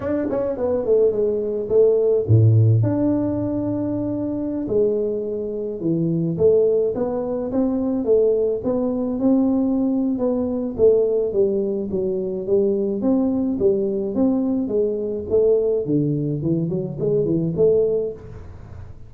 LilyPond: \new Staff \with { instrumentName = "tuba" } { \time 4/4 \tempo 4 = 106 d'8 cis'8 b8 a8 gis4 a4 | a,4 d'2.~ | d'16 gis2 e4 a8.~ | a16 b4 c'4 a4 b8.~ |
b16 c'4.~ c'16 b4 a4 | g4 fis4 g4 c'4 | g4 c'4 gis4 a4 | d4 e8 fis8 gis8 e8 a4 | }